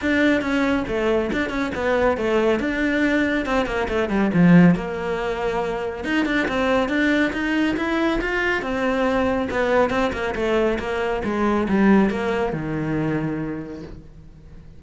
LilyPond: \new Staff \with { instrumentName = "cello" } { \time 4/4 \tempo 4 = 139 d'4 cis'4 a4 d'8 cis'8 | b4 a4 d'2 | c'8 ais8 a8 g8 f4 ais4~ | ais2 dis'8 d'8 c'4 |
d'4 dis'4 e'4 f'4 | c'2 b4 c'8 ais8 | a4 ais4 gis4 g4 | ais4 dis2. | }